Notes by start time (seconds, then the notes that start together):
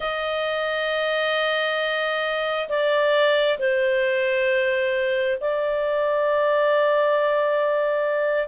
0.00 D#5
2.69 D5
3.59 C5
5.40 D5